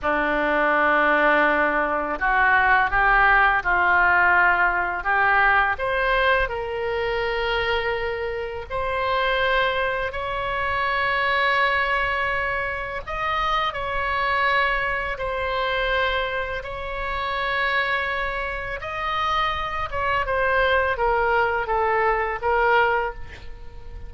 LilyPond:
\new Staff \with { instrumentName = "oboe" } { \time 4/4 \tempo 4 = 83 d'2. fis'4 | g'4 f'2 g'4 | c''4 ais'2. | c''2 cis''2~ |
cis''2 dis''4 cis''4~ | cis''4 c''2 cis''4~ | cis''2 dis''4. cis''8 | c''4 ais'4 a'4 ais'4 | }